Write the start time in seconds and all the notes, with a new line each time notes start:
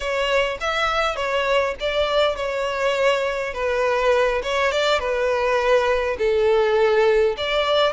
0.00 C#5
0.60 E5
1.16 C#5
1.80 D5
2.36 C#5
3.53 B4
4.43 C#5
4.71 D5
4.99 B4
6.18 A4
7.37 D5